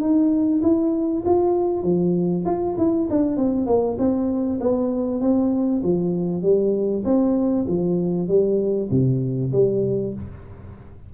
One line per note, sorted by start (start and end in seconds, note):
0.00 0.61 D#4
0.62 1.24 E4
1.25 1.83 F4
1.83 2.44 F3
2.45 2.76 F4
2.77 3.08 E4
3.10 3.36 D4
3.36 3.66 C4
3.66 3.97 A#3
3.98 4.59 C4
4.60 5.20 B3
5.20 5.82 C4
5.83 6.42 F3
6.42 7.03 G3
7.04 7.65 C4
7.68 8.28 F3
8.28 8.89 G3
8.91 9.52 C3
9.52 10.13 G3